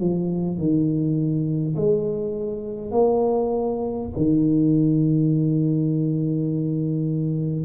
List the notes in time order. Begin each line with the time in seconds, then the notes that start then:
0.00 F3
0.58 D#3
1.76 G#3
2.91 A#3
4.17 D#3